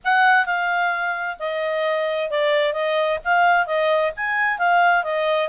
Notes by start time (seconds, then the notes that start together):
0.04 F#5
0.45 F5
1.39 D#5
2.30 D5
2.73 D#5
3.24 F5
3.66 D#5
4.16 G#5
4.58 F5
5.03 D#5